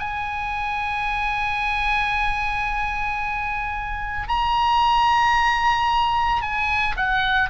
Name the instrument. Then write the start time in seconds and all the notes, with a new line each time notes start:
oboe
0.00 G#5
4.29 A#5
6.42 G#5
6.97 F#5